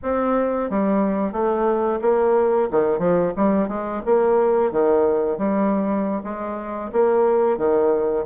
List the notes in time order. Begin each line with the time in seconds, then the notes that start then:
0.02 C4
0.70 G3
1.32 A3
2.01 A#3
2.71 D#3
2.98 F3
3.36 G3
3.68 G#3
4.05 A#3
4.71 D#3
5.37 G3
6.23 G#3
6.92 A#3
7.57 D#3